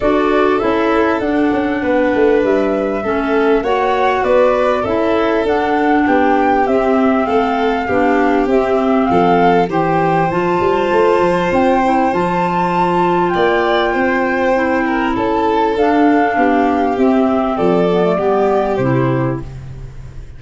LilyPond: <<
  \new Staff \with { instrumentName = "flute" } { \time 4/4 \tempo 4 = 99 d''4 e''4 fis''2 | e''2 fis''4 d''4 | e''4 fis''4 g''4 e''4 | f''2 e''4 f''4 |
g''4 a''2 g''4 | a''2 g''2~ | g''4 a''4 f''2 | e''4 d''2 c''4 | }
  \new Staff \with { instrumentName = "violin" } { \time 4/4 a'2. b'4~ | b'4 a'4 cis''4 b'4 | a'2 g'2 | a'4 g'2 a'4 |
c''1~ | c''2 d''4 c''4~ | c''8 ais'8 a'2 g'4~ | g'4 a'4 g'2 | }
  \new Staff \with { instrumentName = "clarinet" } { \time 4/4 fis'4 e'4 d'2~ | d'4 cis'4 fis'2 | e'4 d'2 c'4~ | c'4 d'4 c'2 |
g'4 f'2~ f'8 e'8 | f'1 | e'2 d'2 | c'4. b16 a16 b4 e'4 | }
  \new Staff \with { instrumentName = "tuba" } { \time 4/4 d'4 cis'4 d'8 cis'8 b8 a8 | g4 a4 ais4 b4 | cis'4 d'4 b4 c'4 | a4 b4 c'4 f4 |
e4 f8 g8 a8 f8 c'4 | f2 ais4 c'4~ | c'4 cis'4 d'4 b4 | c'4 f4 g4 c4 | }
>>